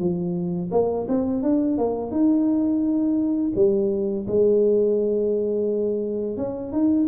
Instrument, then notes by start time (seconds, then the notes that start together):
tuba
0.00 F3
0.72 A#3
1.08 C4
1.43 D4
1.78 A#3
2.11 D#4
3.56 G3
4.28 G#3
6.38 C#4
6.73 D#4